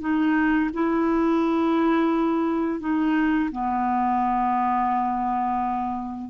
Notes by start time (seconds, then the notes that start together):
0.00 D#4
0.73 E4
2.80 D#4
3.51 B3